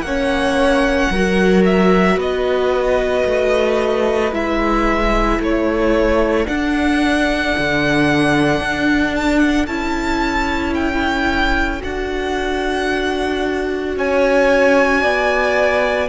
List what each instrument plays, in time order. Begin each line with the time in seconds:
0.00 cello A#3, violin F#5
0.07 viola C#4, violin C#5
1.10 cello F#3, viola F#4, violin A#4
1.66 violin E5
2.17 cello B3, violin B4 D#5
3.26 cello A3
4.32 cello G#3, viola E4, violin E5
5.39 cello A3, violin A4 C#5
6.46 viola D4, cello D4, violin F#5
7.58 cello D3
8.61 cello D4
9.16 violin A5
9.40 violin F#5
9.67 cello C#4, viola E4, violin A5
10.75 violin G5
11.79 cello D4, viola F#4, violin F#5
13.97 cello C#4, violin C#5 G#5
15.02 cello B3, violin D5